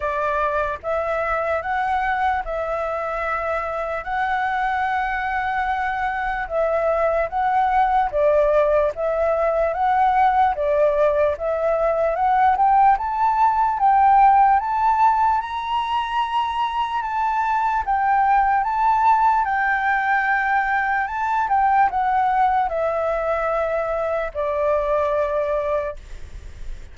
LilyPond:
\new Staff \with { instrumentName = "flute" } { \time 4/4 \tempo 4 = 74 d''4 e''4 fis''4 e''4~ | e''4 fis''2. | e''4 fis''4 d''4 e''4 | fis''4 d''4 e''4 fis''8 g''8 |
a''4 g''4 a''4 ais''4~ | ais''4 a''4 g''4 a''4 | g''2 a''8 g''8 fis''4 | e''2 d''2 | }